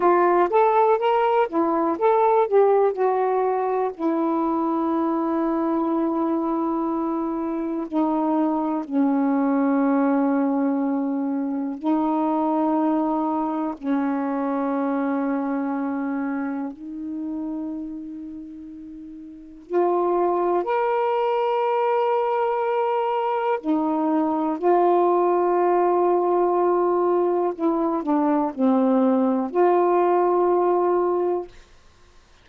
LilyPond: \new Staff \with { instrumentName = "saxophone" } { \time 4/4 \tempo 4 = 61 f'8 a'8 ais'8 e'8 a'8 g'8 fis'4 | e'1 | dis'4 cis'2. | dis'2 cis'2~ |
cis'4 dis'2. | f'4 ais'2. | dis'4 f'2. | e'8 d'8 c'4 f'2 | }